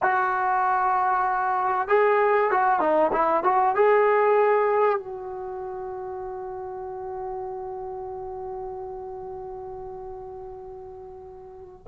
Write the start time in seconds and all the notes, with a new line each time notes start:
0.02 F#4
1.88 G#4
2.51 F#4
2.80 D#4
3.12 E4
3.43 F#4
3.75 G#4
4.98 F#4